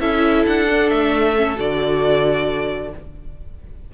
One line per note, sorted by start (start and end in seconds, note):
0.00 0.45 C#4
0.00 0.67 E4
0.00 2.92 A4
0.00 0.45 E5
0.47 0.91 D4
0.47 0.90 F#5
0.68 1.35 D4
0.90 1.58 A3
0.90 1.57 E5
1.36 1.56 C#4
1.56 2.93 D3
1.56 2.91 F#4
1.56 2.94 D5